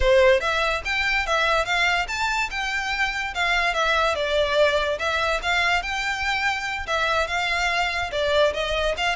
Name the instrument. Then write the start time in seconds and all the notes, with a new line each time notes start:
violin
0.00 C5
0.40 E5
0.84 G5
1.26 E5
1.65 F5
2.08 A5
2.50 G5
3.34 F5
3.74 E5
4.15 D5
4.98 E5
5.42 F5
5.82 G5
6.86 E5
7.27 F5
8.11 D5
8.53 D#5
8.97 F5